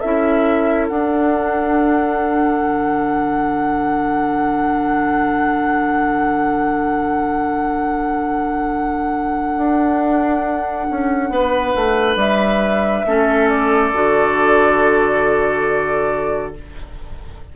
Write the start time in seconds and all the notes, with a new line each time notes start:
0.00 C#4 E4 A4 E5
0.88 D4 F#5
2.62 D3
9.57 D4
10.91 C#4
11.30 B3 B4
11.76 A3
12.16 G3 E5
13.06 A3 C#4 A4
13.49 D5
13.94 D3 F#4